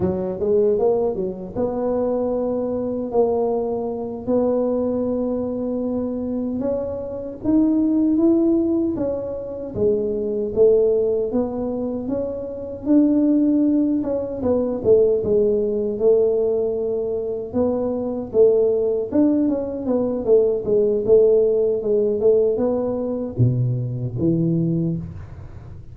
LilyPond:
\new Staff \with { instrumentName = "tuba" } { \time 4/4 \tempo 4 = 77 fis8 gis8 ais8 fis8 b2 | ais4. b2~ b8~ | b8 cis'4 dis'4 e'4 cis'8~ | cis'8 gis4 a4 b4 cis'8~ |
cis'8 d'4. cis'8 b8 a8 gis8~ | gis8 a2 b4 a8~ | a8 d'8 cis'8 b8 a8 gis8 a4 | gis8 a8 b4 b,4 e4 | }